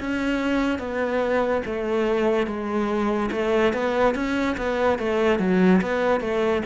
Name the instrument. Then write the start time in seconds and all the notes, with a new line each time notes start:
cello
0.00 C#4
0.79 B3
1.66 A3
2.47 G#3
3.31 A3
3.73 B3
4.15 C#4
4.57 B3
4.99 A3
5.39 F#3
5.81 B3
6.20 A3